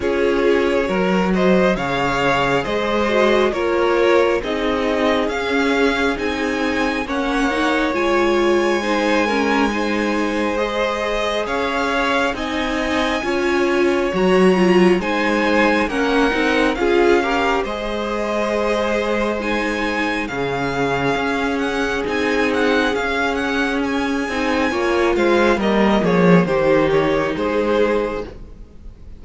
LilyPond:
<<
  \new Staff \with { instrumentName = "violin" } { \time 4/4 \tempo 4 = 68 cis''4. dis''8 f''4 dis''4 | cis''4 dis''4 f''4 gis''4 | fis''4 gis''2. | dis''4 f''4 gis''2 |
ais''4 gis''4 fis''4 f''4 | dis''2 gis''4 f''4~ | f''8 fis''8 gis''8 fis''8 f''8 fis''8 gis''4~ | gis''8 f''8 dis''8 cis''8 c''8 cis''8 c''4 | }
  \new Staff \with { instrumentName = "violin" } { \time 4/4 gis'4 ais'8 c''8 cis''4 c''4 | ais'4 gis'2. | cis''2 c''8 ais'8 c''4~ | c''4 cis''4 dis''4 cis''4~ |
cis''4 c''4 ais'4 gis'8 ais'8 | c''2. gis'4~ | gis'1 | cis''8 c''8 ais'8 gis'8 g'4 gis'4 | }
  \new Staff \with { instrumentName = "viola" } { \time 4/4 f'4 fis'4 gis'4. fis'8 | f'4 dis'4 cis'4 dis'4 | cis'8 dis'8 f'4 dis'8 cis'8 dis'4 | gis'2 dis'4 f'4 |
fis'8 f'8 dis'4 cis'8 dis'8 f'8 g'8 | gis'2 dis'4 cis'4~ | cis'4 dis'4 cis'4. dis'8 | f'4 ais4 dis'2 | }
  \new Staff \with { instrumentName = "cello" } { \time 4/4 cis'4 fis4 cis4 gis4 | ais4 c'4 cis'4 c'4 | ais4 gis2.~ | gis4 cis'4 c'4 cis'4 |
fis4 gis4 ais8 c'8 cis'4 | gis2. cis4 | cis'4 c'4 cis'4. c'8 | ais8 gis8 g8 f8 dis4 gis4 | }
>>